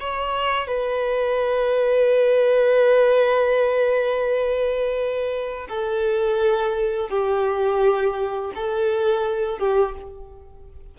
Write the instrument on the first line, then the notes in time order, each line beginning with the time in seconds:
violin
0.00 C#5
0.67 B4
5.69 A4
7.09 G4
8.55 A4
9.58 G4